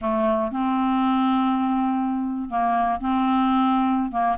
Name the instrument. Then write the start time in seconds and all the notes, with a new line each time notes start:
clarinet
0.01 A3
0.51 C4
2.50 A#3
3.00 C4
4.11 A#3